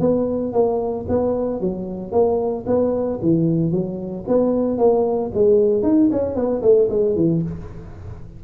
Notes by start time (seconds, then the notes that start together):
0.00 B3
0.53 A#3
1.08 B3
1.60 F#3
2.11 A#3
2.66 B3
3.22 E3
3.71 F#3
4.27 B3
4.78 A#3
5.34 G#3
5.83 D#4
6.12 C#4
6.35 B3
6.62 A3
6.89 G#3
7.15 E3